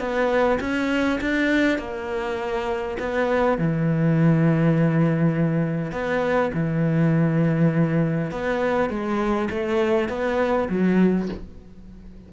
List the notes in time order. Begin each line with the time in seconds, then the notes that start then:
0.00 B3
0.60 C#4
1.21 D4
1.79 A#3
3.00 B3
3.58 E3
5.92 B3
6.54 E3
8.31 B3
8.90 G#3
9.50 A3
10.09 B3
10.70 F#3